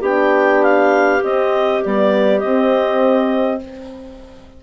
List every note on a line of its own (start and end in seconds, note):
0.00 1.21 B3
0.00 1.22 D4
0.00 3.60 G4
0.00 0.62 G5
0.62 1.22 F5
1.22 1.82 C4
1.22 1.83 C4
1.22 1.83 D#5
1.84 2.43 G3
1.84 2.42 B3
1.84 2.39 D5
2.39 3.62 C4
2.39 3.63 C4
2.39 3.59 D#5